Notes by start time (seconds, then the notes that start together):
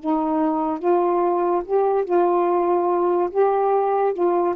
0.00 D#4
0.80 F4
1.65 G4
2.05 F4
3.31 G4
4.14 F4